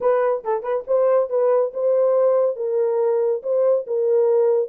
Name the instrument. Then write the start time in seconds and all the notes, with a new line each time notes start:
horn
0.01 B4
0.44 A4
0.62 B4
0.87 C5
1.29 B4
1.73 C5
2.56 A#4
3.43 C5
3.86 A#4